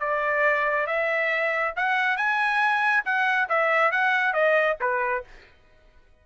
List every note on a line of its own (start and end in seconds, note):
0.00 0.87 D5
0.87 1.74 E5
1.76 2.17 F#5
2.17 3.04 G#5
3.05 3.49 F#5
3.49 3.92 E5
3.92 4.34 F#5
4.34 4.77 D#5
4.81 5.25 B4